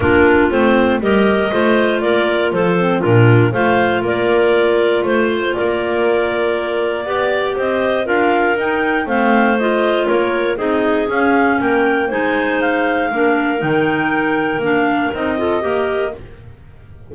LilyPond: <<
  \new Staff \with { instrumentName = "clarinet" } { \time 4/4 \tempo 4 = 119 ais'4 c''4 dis''2 | d''4 c''4 ais'4 f''4 | d''2 c''4 d''4~ | d''2. dis''4 |
f''4 g''4 f''4 dis''4 | cis''4 dis''4 f''4 g''4 | gis''4 f''2 g''4~ | g''4 f''4 dis''2 | }
  \new Staff \with { instrumentName = "clarinet" } { \time 4/4 f'2 ais'4 c''4 | ais'4 a'4 f'4 c''4 | ais'2 c''4 ais'4~ | ais'2 d''4 c''4 |
ais'2 c''2 | ais'4 gis'2 ais'4 | c''2 ais'2~ | ais'2~ ais'8 a'8 ais'4 | }
  \new Staff \with { instrumentName = "clarinet" } { \time 4/4 d'4 c'4 g'4 f'4~ | f'4. c'8 d'4 f'4~ | f'1~ | f'2 g'2 |
f'4 dis'4 c'4 f'4~ | f'4 dis'4 cis'2 | dis'2 d'4 dis'4~ | dis'4 d'4 dis'8 f'8 g'4 | }
  \new Staff \with { instrumentName = "double bass" } { \time 4/4 ais4 a4 g4 a4 | ais4 f4 ais,4 a4 | ais2 a4 ais4~ | ais2 b4 c'4 |
d'4 dis'4 a2 | ais4 c'4 cis'4 ais4 | gis2 ais4 dis4~ | dis4 ais4 c'4 ais4 | }
>>